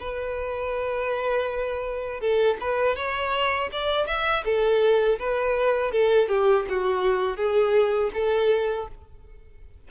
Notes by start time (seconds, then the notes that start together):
0.00 B4
2.21 A4
2.60 B4
2.96 C#5
3.72 D5
4.07 E5
4.45 A4
5.19 B4
5.92 A4
6.29 G4
6.69 F#4
7.37 G#4
8.14 A4